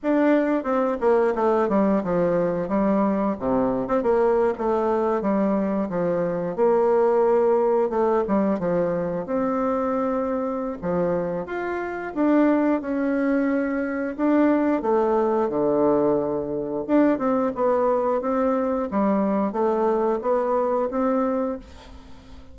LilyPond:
\new Staff \with { instrumentName = "bassoon" } { \time 4/4 \tempo 4 = 89 d'4 c'8 ais8 a8 g8 f4 | g4 c8. c'16 ais8. a4 g16~ | g8. f4 ais2 a16~ | a16 g8 f4 c'2~ c'16 |
f4 f'4 d'4 cis'4~ | cis'4 d'4 a4 d4~ | d4 d'8 c'8 b4 c'4 | g4 a4 b4 c'4 | }